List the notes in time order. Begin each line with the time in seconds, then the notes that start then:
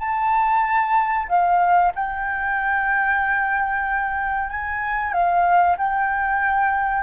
0.00 A5
1.29 F5
1.96 G5
4.50 G#5
5.13 F5
5.78 G5